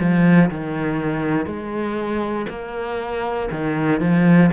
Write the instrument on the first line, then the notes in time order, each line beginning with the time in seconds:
cello
0.00 F3
0.50 D#3
1.46 G#3
2.49 A#3
3.51 D#3
4.00 F3